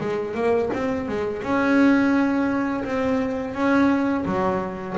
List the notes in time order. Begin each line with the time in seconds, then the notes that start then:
0.00 G#3
0.35 A#3
0.73 C4
1.08 G#3
1.42 C#4
2.84 C4
3.54 C#4
4.25 F#3